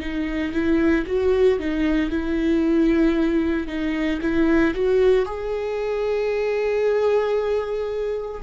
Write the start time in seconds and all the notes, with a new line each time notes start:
0.00 D#4
0.52 E4
1.06 F#4
1.59 D#4
2.10 E4
3.67 D#4
4.22 E4
4.74 F#4
5.26 G#4